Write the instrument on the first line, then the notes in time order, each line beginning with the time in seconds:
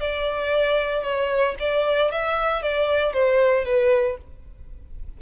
violin
0.00 D5
1.03 C#5
1.59 D5
2.11 E5
2.62 D5
3.13 C5
3.65 B4